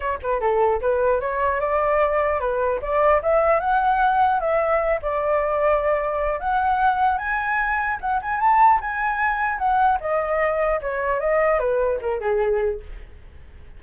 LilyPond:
\new Staff \with { instrumentName = "flute" } { \time 4/4 \tempo 4 = 150 cis''8 b'8 a'4 b'4 cis''4 | d''2 b'4 d''4 | e''4 fis''2 e''4~ | e''8 d''2.~ d''8 |
fis''2 gis''2 | fis''8 gis''8 a''4 gis''2 | fis''4 dis''2 cis''4 | dis''4 b'4 ais'8 gis'4. | }